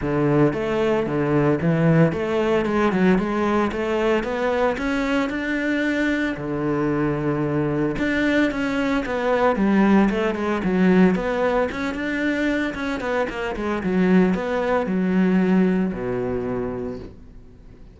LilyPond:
\new Staff \with { instrumentName = "cello" } { \time 4/4 \tempo 4 = 113 d4 a4 d4 e4 | a4 gis8 fis8 gis4 a4 | b4 cis'4 d'2 | d2. d'4 |
cis'4 b4 g4 a8 gis8 | fis4 b4 cis'8 d'4. | cis'8 b8 ais8 gis8 fis4 b4 | fis2 b,2 | }